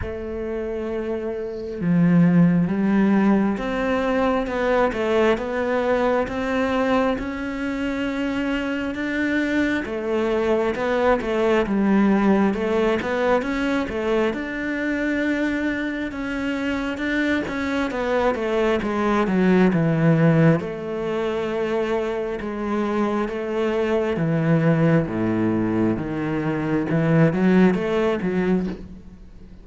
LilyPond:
\new Staff \with { instrumentName = "cello" } { \time 4/4 \tempo 4 = 67 a2 f4 g4 | c'4 b8 a8 b4 c'4 | cis'2 d'4 a4 | b8 a8 g4 a8 b8 cis'8 a8 |
d'2 cis'4 d'8 cis'8 | b8 a8 gis8 fis8 e4 a4~ | a4 gis4 a4 e4 | a,4 dis4 e8 fis8 a8 fis8 | }